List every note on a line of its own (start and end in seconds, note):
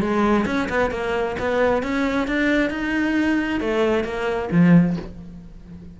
0.00 0.45 G#3
0.45 0.68 C#4
0.69 0.91 B3
0.91 1.36 A#3
1.39 1.83 B3
1.83 2.27 C#4
2.27 2.70 D4
2.70 3.60 D#4
3.60 4.04 A3
4.04 4.49 A#3
4.51 4.96 F3